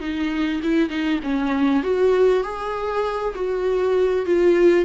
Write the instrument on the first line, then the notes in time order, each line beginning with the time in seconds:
viola
0.00 D#4
0.63 E4
0.89 D#4
1.23 C#4
1.83 F#4
2.43 G#4
3.35 F#4
4.25 F4